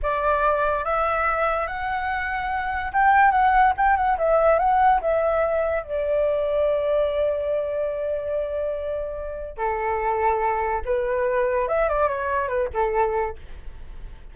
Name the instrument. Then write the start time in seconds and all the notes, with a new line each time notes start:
flute
0.02 D5
0.84 E5
1.67 F#5
2.92 G5
3.31 F#5
3.77 G5
3.96 F#5
4.18 E5
4.58 F#5
5.01 E5
5.83 D5
9.57 A4
10.85 B4
11.68 E5
11.88 D5
12.08 C#5
12.48 B4
12.73 A4